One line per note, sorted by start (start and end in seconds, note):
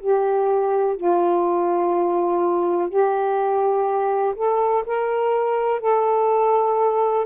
0.00 0.97 G4
0.97 2.90 F4
2.90 4.35 G4
4.36 4.84 A4
4.86 5.81 A#4
5.81 7.26 A4